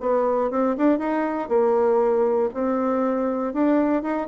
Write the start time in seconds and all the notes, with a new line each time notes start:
0.00 B3
0.50 C4
0.77 D4
0.99 D#4
1.49 A#3
2.53 C4
3.53 D4
4.02 D#4